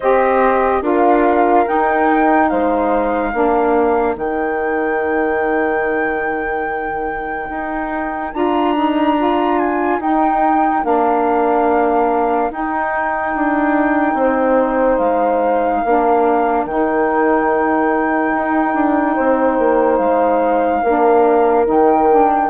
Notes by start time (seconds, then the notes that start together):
0.00 C4 G4 C5 D#5
0.81 D4 F4 A#4 F5
1.65 D#4 G5
2.48 G#3 C5 F5
3.33 A#3 D4 A#4
4.16 D#3 D#4 G5
7.49 D#4
8.33 D4 F4 A#5
8.74 D#4
9.17 F4
9.58 G#5
9.99 D#4 G5
10.83 A#3 D4 F5
12.50 D#4 G5
13.34 D4
14.14 C4 C5
14.98 G#3 F5
15.81 A#3 D4 A#4
16.65 D#3 D#4 G5
18.35 D#4
18.74 D4
19.14 C4 C5
19.58 A#3
19.97 G#3 F5
20.83 A#3 D4 A#4
21.65 D#3 D#4 G5
22.10 D4